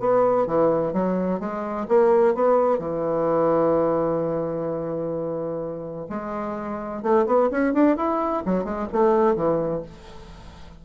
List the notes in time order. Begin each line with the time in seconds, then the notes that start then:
0.00 B3
0.47 E3
0.94 F#3
1.40 G#3
1.88 A#3
2.35 B3
2.79 E3
6.10 G#3
7.03 A3
7.26 B3
7.51 C#4
7.74 D4
7.97 E4
8.45 F#3
8.64 G#3
8.92 A3
9.36 E3